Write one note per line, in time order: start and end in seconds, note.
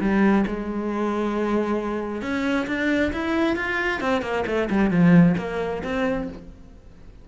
0.00 0.45 G3
0.47 2.22 G#3
2.22 2.67 C#4
2.67 3.12 D4
3.12 3.56 E4
3.56 4.01 F4
4.01 4.22 C4
4.22 4.44 A#3
4.47 4.69 A3
4.70 4.91 G3
4.91 5.35 F3
5.38 5.83 A#3
5.83 6.28 C4